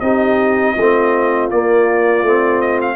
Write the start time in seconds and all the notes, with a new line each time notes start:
0.00 C4 D#4 G4 D#5
0.75 A3 C4 F4
1.51 A#3 D5
2.23 A3 C4
2.61 D#5
2.82 F5